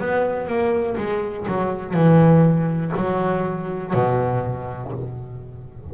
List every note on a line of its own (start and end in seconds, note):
0.00 0.47 B3
0.47 0.97 A#3
0.97 1.47 G#3
1.48 1.94 F#3
1.94 2.92 E3
2.96 3.94 F#3
3.94 4.92 B2